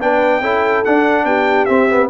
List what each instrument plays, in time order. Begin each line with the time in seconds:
0.00 tuba B3, trombone D4, horn B4, trumpet G5
0.41 tuba C#4, trombone E4, horn A4
0.84 tuba D4, trombone D4, trumpet F#5
1.25 tuba B3, horn G4, trumpet G5
1.65 trombone C4, tuba C4, trumpet E5
1.89 trombone B3